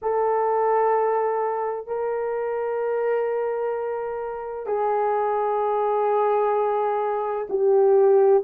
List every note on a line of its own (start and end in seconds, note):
0.02 1.86 A4
1.86 4.66 A#4
4.66 7.47 G#4
7.49 8.43 G4